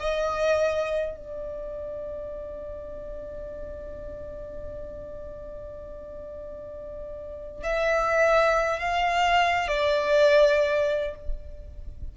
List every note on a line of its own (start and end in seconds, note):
0.00 1.17 D#5
1.17 7.64 D5
7.64 8.80 E5
8.80 9.68 F5
9.68 11.16 D5